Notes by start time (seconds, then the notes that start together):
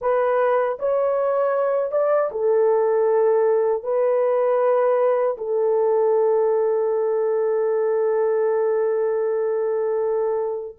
0.01 B4
0.79 C#5
1.91 D5
2.31 A4
3.83 B4
5.37 A4